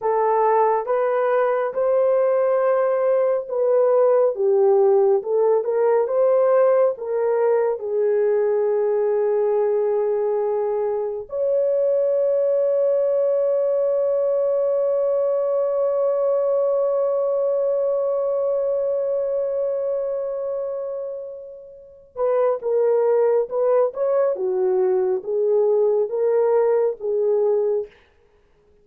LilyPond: \new Staff \with { instrumentName = "horn" } { \time 4/4 \tempo 4 = 69 a'4 b'4 c''2 | b'4 g'4 a'8 ais'8 c''4 | ais'4 gis'2.~ | gis'4 cis''2.~ |
cis''1~ | cis''1~ | cis''4. b'8 ais'4 b'8 cis''8 | fis'4 gis'4 ais'4 gis'4 | }